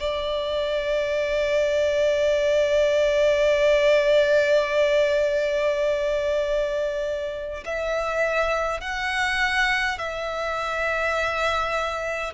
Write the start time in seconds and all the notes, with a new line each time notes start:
0.00 D5
7.65 E5
8.81 F#5
9.98 E5